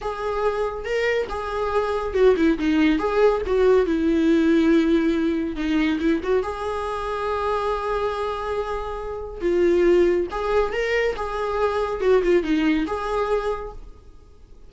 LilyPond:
\new Staff \with { instrumentName = "viola" } { \time 4/4 \tempo 4 = 140 gis'2 ais'4 gis'4~ | gis'4 fis'8 e'8 dis'4 gis'4 | fis'4 e'2.~ | e'4 dis'4 e'8 fis'8 gis'4~ |
gis'1~ | gis'2 f'2 | gis'4 ais'4 gis'2 | fis'8 f'8 dis'4 gis'2 | }